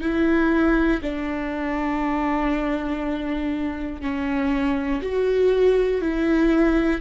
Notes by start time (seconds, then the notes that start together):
0.00 E4
1.01 D4
4.01 C#4
5.01 F#4
6.01 E4